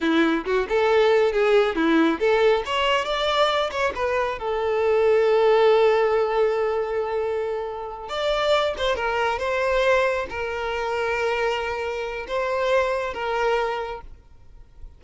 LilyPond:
\new Staff \with { instrumentName = "violin" } { \time 4/4 \tempo 4 = 137 e'4 fis'8 a'4. gis'4 | e'4 a'4 cis''4 d''4~ | d''8 cis''8 b'4 a'2~ | a'1~ |
a'2~ a'8 d''4. | c''8 ais'4 c''2 ais'8~ | ais'1 | c''2 ais'2 | }